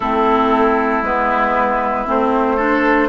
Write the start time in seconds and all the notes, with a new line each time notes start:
0.00 A3 C4 E4 A4
1.02 G#3 B3 B4
2.06 A3 C4 C5
2.56 D4 A4